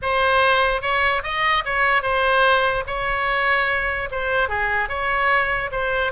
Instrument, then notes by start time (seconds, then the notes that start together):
oboe
0.02 C5
0.81 C#5
1.23 D#5
1.65 C#5
2.02 C5
2.86 C#5
4.11 C5
4.48 G#4
4.88 C#5
5.71 C5